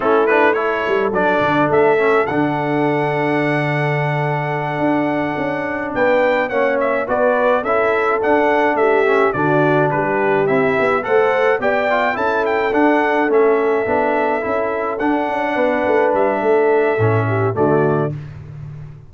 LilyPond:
<<
  \new Staff \with { instrumentName = "trumpet" } { \time 4/4 \tempo 4 = 106 a'8 b'8 cis''4 d''4 e''4 | fis''1~ | fis''2~ fis''8 g''4 fis''8 | e''8 d''4 e''4 fis''4 e''8~ |
e''8 d''4 b'4 e''4 fis''8~ | fis''8 g''4 a''8 g''8 fis''4 e''8~ | e''2~ e''8 fis''4.~ | fis''8 e''2~ e''8 d''4 | }
  \new Staff \with { instrumentName = "horn" } { \time 4/4 e'4 a'2.~ | a'1~ | a'2~ a'8 b'4 cis''8~ | cis''8 b'4 a'2 g'8~ |
g'8 fis'4 g'2 c''8~ | c''8 d''4 a'2~ a'8~ | a'2.~ a'8 b'8~ | b'4 a'4. g'8 fis'4 | }
  \new Staff \with { instrumentName = "trombone" } { \time 4/4 cis'8 d'8 e'4 d'4. cis'8 | d'1~ | d'2.~ d'8 cis'8~ | cis'8 fis'4 e'4 d'4. |
cis'8 d'2 e'4 a'8~ | a'8 g'8 f'8 e'4 d'4 cis'8~ | cis'8 d'4 e'4 d'4.~ | d'2 cis'4 a4 | }
  \new Staff \with { instrumentName = "tuba" } { \time 4/4 a4. g8 fis8 d8 a4 | d1~ | d8 d'4 cis'4 b4 ais8~ | ais8 b4 cis'4 d'4 a8~ |
a8 d4 g4 c'8 b8 a8~ | a8 b4 cis'4 d'4 a8~ | a8 b4 cis'4 d'8 cis'8 b8 | a8 g8 a4 a,4 d4 | }
>>